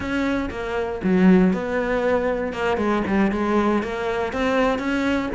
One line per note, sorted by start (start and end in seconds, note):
0.00 0.49 C#4
0.50 1.01 A#3
1.03 1.53 F#3
1.53 2.52 B3
2.52 2.77 A#3
2.77 3.02 G#3
3.07 3.31 G3
3.31 3.82 G#3
3.82 4.32 A#3
4.32 4.78 C4
4.78 5.29 C#4